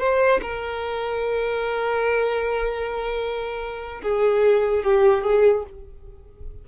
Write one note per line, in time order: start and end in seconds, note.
0.00 0.41 C5
0.43 4.02 A#4
4.03 4.84 G#4
4.84 5.24 G4
5.24 5.65 G#4